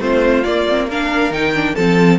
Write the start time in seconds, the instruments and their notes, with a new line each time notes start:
0.00 cello A3, viola C4, violin F4 C5
0.44 viola A#3, cello A#3, violin D5
0.68 viola C4
0.89 viola D4, violin A#4 F5
1.31 cello D#3, viola D#4, violin G5
1.55 viola D4
1.75 cello F3, viola C4, violin A4 A5